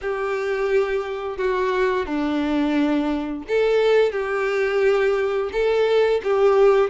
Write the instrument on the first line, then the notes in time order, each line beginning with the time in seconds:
violin
0.01 G4
1.37 F#4
2.05 D4
3.48 A4
4.12 G4
5.52 A4
6.23 G4